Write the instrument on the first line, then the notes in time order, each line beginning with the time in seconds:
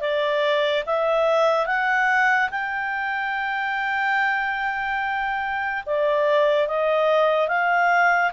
clarinet
0.00 D5
0.86 E5
1.66 F#5
2.51 G5
5.86 D5
6.67 D#5
7.48 F5